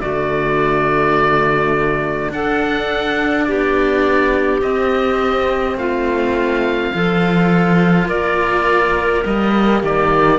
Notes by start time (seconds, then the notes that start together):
0.00 D3 A3 F#4 D5
2.29 D4 A4 F#5
3.44 B3 G4 D5
4.61 C4 D#5
5.75 A3 F4 F5
6.93 F3 F4 A4
8.07 A#3 A#4 D5
9.25 G3 A#3 D#5
9.81 D#3 G4 D5